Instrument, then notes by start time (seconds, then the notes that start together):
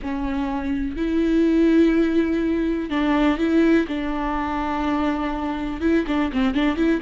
viola
0.01 C#4
0.96 E4
2.89 D4
3.38 E4
3.87 D4
5.81 E4
6.07 D4
6.32 C4
6.54 D4
6.76 E4